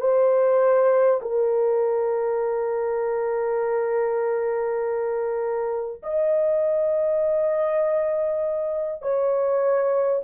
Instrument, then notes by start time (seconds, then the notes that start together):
horn
0.00 C5
1.22 A#4
6.02 D#5
9.02 C#5